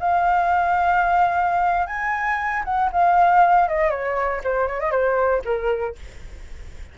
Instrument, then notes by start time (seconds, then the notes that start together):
flute
0.00 F5
1.87 G#5
2.65 F#5
2.92 F5
3.68 D#5
3.90 C#5
4.44 C5
4.68 C#5
4.80 D#5
4.91 C5
5.45 A#4